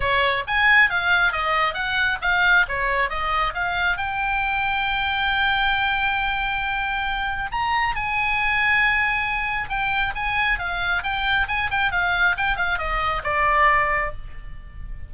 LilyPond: \new Staff \with { instrumentName = "oboe" } { \time 4/4 \tempo 4 = 136 cis''4 gis''4 f''4 dis''4 | fis''4 f''4 cis''4 dis''4 | f''4 g''2.~ | g''1~ |
g''4 ais''4 gis''2~ | gis''2 g''4 gis''4 | f''4 g''4 gis''8 g''8 f''4 | g''8 f''8 dis''4 d''2 | }